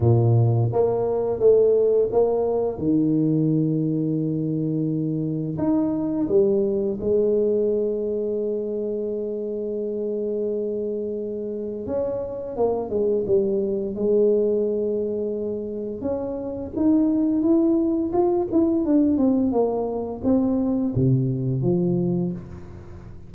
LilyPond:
\new Staff \with { instrumentName = "tuba" } { \time 4/4 \tempo 4 = 86 ais,4 ais4 a4 ais4 | dis1 | dis'4 g4 gis2~ | gis1~ |
gis4 cis'4 ais8 gis8 g4 | gis2. cis'4 | dis'4 e'4 f'8 e'8 d'8 c'8 | ais4 c'4 c4 f4 | }